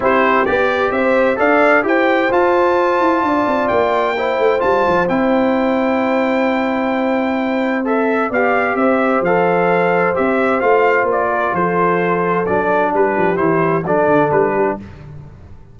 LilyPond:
<<
  \new Staff \with { instrumentName = "trumpet" } { \time 4/4 \tempo 4 = 130 c''4 d''4 e''4 f''4 | g''4 a''2. | g''2 a''4 g''4~ | g''1~ |
g''4 e''4 f''4 e''4 | f''2 e''4 f''4 | d''4 c''2 d''4 | b'4 c''4 d''4 b'4 | }
  \new Staff \with { instrumentName = "horn" } { \time 4/4 g'2 c''4 d''4 | c''2. d''4~ | d''4 c''2.~ | c''1~ |
c''2 d''4 c''4~ | c''1~ | c''8 ais'8 a'2. | g'2 a'4. g'8 | }
  \new Staff \with { instrumentName = "trombone" } { \time 4/4 e'4 g'2 a'4 | g'4 f'2.~ | f'4 e'4 f'4 e'4~ | e'1~ |
e'4 a'4 g'2 | a'2 g'4 f'4~ | f'2. d'4~ | d'4 e'4 d'2 | }
  \new Staff \with { instrumentName = "tuba" } { \time 4/4 c'4 b4 c'4 d'4 | e'4 f'4. e'8 d'8 c'8 | ais4. a8 g8 f8 c'4~ | c'1~ |
c'2 b4 c'4 | f2 c'4 a4 | ais4 f2 fis4 | g8 f8 e4 fis8 d8 g4 | }
>>